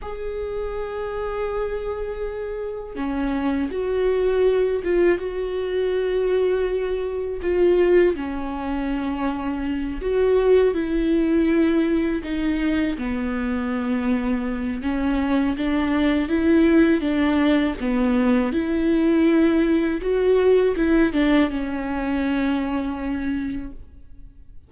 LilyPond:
\new Staff \with { instrumentName = "viola" } { \time 4/4 \tempo 4 = 81 gis'1 | cis'4 fis'4. f'8 fis'4~ | fis'2 f'4 cis'4~ | cis'4. fis'4 e'4.~ |
e'8 dis'4 b2~ b8 | cis'4 d'4 e'4 d'4 | b4 e'2 fis'4 | e'8 d'8 cis'2. | }